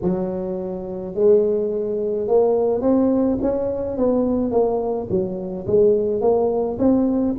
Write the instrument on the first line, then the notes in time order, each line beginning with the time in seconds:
tuba
0.02 F#3
1.14 G#3
2.27 A#3
2.81 C4
3.41 C#4
3.97 B3
4.51 A#3
5.09 F#3
5.66 G#3
6.21 A#3
6.78 C4